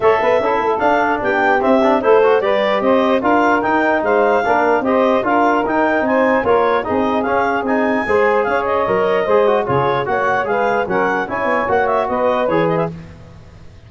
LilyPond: <<
  \new Staff \with { instrumentName = "clarinet" } { \time 4/4 \tempo 4 = 149 e''2 f''4 g''4 | e''4 c''4 d''4 dis''4 | f''4 g''4 f''2 | dis''4 f''4 g''4 gis''4 |
cis''4 dis''4 f''4 gis''4~ | gis''4 f''8 dis''2~ dis''8 | cis''4 fis''4 f''4 fis''4 | gis''4 fis''8 e''8 dis''4 cis''8 dis''16 e''16 | }
  \new Staff \with { instrumentName = "saxophone" } { \time 4/4 cis''8 b'8 a'2 g'4~ | g'4 a'4 b'4 c''4 | ais'2 c''4 ais'4 | c''4 ais'2 c''4 |
ais'4 gis'2. | c''4 cis''2 c''4 | gis'4 cis''4 b'4 ais'4 | cis''2 b'2 | }
  \new Staff \with { instrumentName = "trombone" } { \time 4/4 a'4 e'4 d'2 | c'8 d'8 e'8 fis'8 g'2 | f'4 dis'2 d'4 | g'4 f'4 dis'2 |
f'4 dis'4 cis'4 dis'4 | gis'2 ais'4 gis'8 fis'8 | f'4 fis'4 gis'4 cis'4 | e'4 fis'2 gis'4 | }
  \new Staff \with { instrumentName = "tuba" } { \time 4/4 a8 b8 cis'8 a8 d'4 b4 | c'4 a4 g4 c'4 | d'4 dis'4 gis4 ais4 | c'4 d'4 dis'4 c'4 |
ais4 c'4 cis'4 c'4 | gis4 cis'4 fis4 gis4 | cis4 ais4 gis4 fis4 | cis'8 b8 ais4 b4 e4 | }
>>